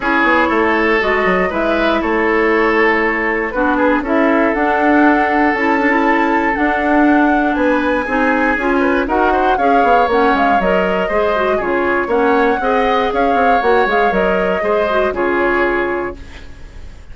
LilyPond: <<
  \new Staff \with { instrumentName = "flute" } { \time 4/4 \tempo 4 = 119 cis''2 dis''4 e''4 | cis''2. b'4 | e''4 fis''2 a''4~ | a''4 fis''2 gis''4~ |
gis''2 fis''4 f''4 | fis''8 f''8 dis''2 cis''4 | fis''2 f''4 fis''8 f''8 | dis''2 cis''2 | }
  \new Staff \with { instrumentName = "oboe" } { \time 4/4 gis'4 a'2 b'4 | a'2. fis'8 gis'8 | a'1~ | a'2. b'4 |
gis'4. b'8 ais'8 c''8 cis''4~ | cis''2 c''4 gis'4 | cis''4 dis''4 cis''2~ | cis''4 c''4 gis'2 | }
  \new Staff \with { instrumentName = "clarinet" } { \time 4/4 e'2 fis'4 e'4~ | e'2. d'4 | e'4 d'2 e'8 d'16 e'16~ | e'4 d'2. |
dis'4 f'4 fis'4 gis'4 | cis'4 ais'4 gis'8 fis'8 f'4 | cis'4 gis'2 fis'8 gis'8 | ais'4 gis'8 fis'8 f'2 | }
  \new Staff \with { instrumentName = "bassoon" } { \time 4/4 cis'8 b8 a4 gis8 fis8 gis4 | a2. b4 | cis'4 d'2 cis'4~ | cis'4 d'2 b4 |
c'4 cis'4 dis'4 cis'8 b8 | ais8 gis8 fis4 gis4 cis4 | ais4 c'4 cis'8 c'8 ais8 gis8 | fis4 gis4 cis2 | }
>>